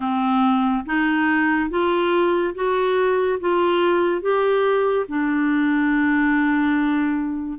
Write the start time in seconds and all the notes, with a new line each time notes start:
0.00 C4
0.85 D#4
1.69 F4
2.54 F#4
3.40 F4
4.21 G4
5.08 D4